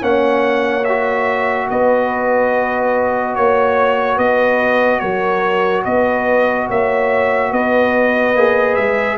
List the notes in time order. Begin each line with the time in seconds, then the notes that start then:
0.00 A#3 C#4 C#5 F#5
0.84 F#4 E5
1.70 B3 B4 D#5
3.35 A#3 C#5
4.16 B3 B4 D#5
4.99 F#3 A#4 C#5
5.84 B3 B4 D#5
6.68 A#3 C#5 E5
7.51 B3 B4 D#5
8.35 A#3 G#4
8.75 G#3 E5